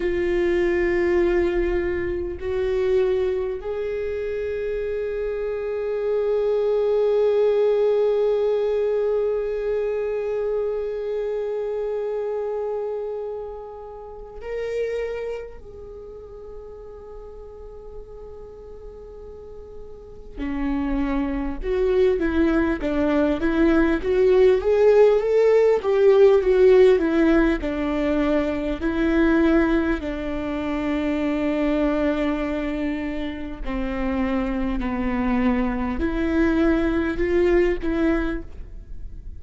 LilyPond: \new Staff \with { instrumentName = "viola" } { \time 4/4 \tempo 4 = 50 f'2 fis'4 gis'4~ | gis'1~ | gis'1 | ais'4 gis'2.~ |
gis'4 cis'4 fis'8 e'8 d'8 e'8 | fis'8 gis'8 a'8 g'8 fis'8 e'8 d'4 | e'4 d'2. | c'4 b4 e'4 f'8 e'8 | }